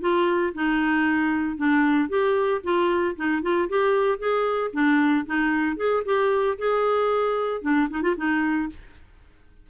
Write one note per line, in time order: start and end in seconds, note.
0.00 0.53 F4
0.54 1.56 D#4
1.56 2.08 D4
2.08 2.61 G4
2.63 3.16 F4
3.16 3.42 D#4
3.42 3.68 F4
3.68 4.18 G4
4.18 4.71 G#4
4.72 5.25 D4
5.26 5.76 D#4
5.76 6.03 G#4
6.05 6.57 G4
6.58 7.61 G#4
7.61 7.88 D4
7.90 8.02 D#4
8.02 8.15 F4
8.17 8.69 D#4